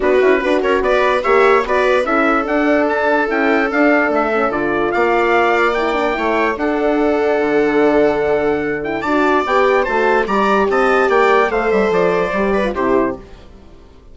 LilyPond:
<<
  \new Staff \with { instrumentName = "trumpet" } { \time 4/4 \tempo 4 = 146 b'4. cis''8 d''4 e''4 | d''4 e''4 fis''4 a''4 | g''4 f''4 e''4 d''4 | f''2 g''2 |
fis''1~ | fis''4. g''8 a''4 g''4 | a''4 ais''4 a''4 g''4 | f''8 e''8 d''2 c''4 | }
  \new Staff \with { instrumentName = "viola" } { \time 4/4 fis'4 b'8 ais'8 b'4 cis''4 | b'4 a'2.~ | a'1 | d''2. cis''4 |
a'1~ | a'2 d''2 | c''4 d''4 dis''4 d''4 | c''2~ c''8 b'8 g'4 | }
  \new Staff \with { instrumentName = "horn" } { \time 4/4 d'8 e'8 fis'2 g'4 | fis'4 e'4 d'2 | e'4 d'4. cis'8 f'4~ | f'2 e'8 d'8 e'4 |
d'1~ | d'4. e'8 fis'4 g'4 | fis'4 g'2. | a'2 g'8. f'16 e'4 | }
  \new Staff \with { instrumentName = "bassoon" } { \time 4/4 b8 cis'8 d'8 cis'8 b4 ais4 | b4 cis'4 d'2 | cis'4 d'4 a4 d4 | ais2. a4 |
d'2 d2~ | d2 d'4 b4 | a4 g4 c'4 ais4 | a8 g8 f4 g4 c4 | }
>>